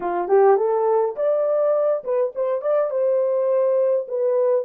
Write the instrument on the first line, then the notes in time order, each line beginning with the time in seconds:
horn
0.00 F4
0.28 G4
0.57 A4
1.16 D5
2.04 B4
2.35 C5
2.61 D5
2.90 C5
4.08 B4